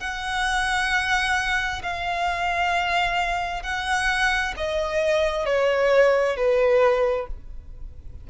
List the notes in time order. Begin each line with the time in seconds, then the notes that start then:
0.00 F#5
1.82 F5
3.63 F#5
4.57 D#5
5.45 C#5
6.36 B4